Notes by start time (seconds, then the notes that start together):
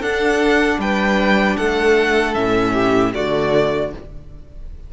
0.00 D4 A4 F#5
0.79 G3 B4 G5
1.57 A3 A4 F#5
2.34 A2 C#4 E5
2.73 G4
3.14 D3 A3 F#4 D5